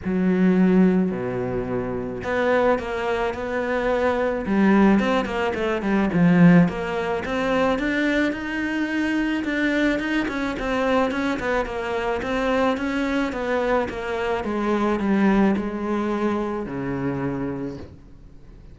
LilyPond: \new Staff \with { instrumentName = "cello" } { \time 4/4 \tempo 4 = 108 fis2 b,2 | b4 ais4 b2 | g4 c'8 ais8 a8 g8 f4 | ais4 c'4 d'4 dis'4~ |
dis'4 d'4 dis'8 cis'8 c'4 | cis'8 b8 ais4 c'4 cis'4 | b4 ais4 gis4 g4 | gis2 cis2 | }